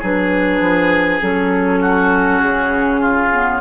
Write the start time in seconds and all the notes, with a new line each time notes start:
0.00 F#3 D4 G#4 B4
0.60 F3
1.21 F#3 C#4 A4
1.81 F#4
2.40 C#3 G#4
3.00 F4
3.31 B3